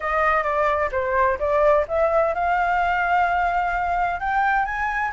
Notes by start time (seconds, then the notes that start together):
0.00 D#5
0.43 D5
0.91 C5
1.39 D5
1.88 E5
2.34 F5
4.20 G5
4.65 G#5